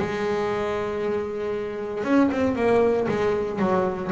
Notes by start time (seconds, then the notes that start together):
0.00 G#3
2.05 C#4
2.32 C4
2.56 A#3
3.09 G#3
3.60 F#3